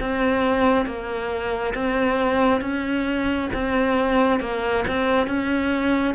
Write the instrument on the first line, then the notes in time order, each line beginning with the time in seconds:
cello
0.00 C4
0.86 A#3
1.74 C4
2.61 C#4
3.54 C4
4.40 A#3
4.88 C4
5.27 C#4